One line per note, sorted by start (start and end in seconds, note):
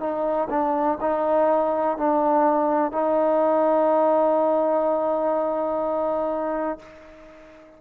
0.00 0.48 D#4
0.50 0.98 D4
1.01 1.98 D#4
1.98 2.92 D4
2.92 6.79 D#4